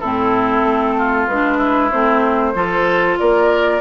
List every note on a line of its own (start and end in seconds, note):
0.00 0.64 A2
0.00 1.30 C4
0.00 0.95 E4
0.00 1.26 A4
0.64 1.27 A3
0.98 1.58 F4
1.28 1.92 G#3
1.28 1.92 D4
1.28 1.91 B4
1.58 2.53 E4
1.91 2.55 A3
1.91 2.55 C4
1.91 3.17 C5
2.55 3.18 F3
2.55 3.81 F4
2.55 3.19 A4
3.19 3.81 A#3
3.19 3.81 A#4
3.19 3.81 D5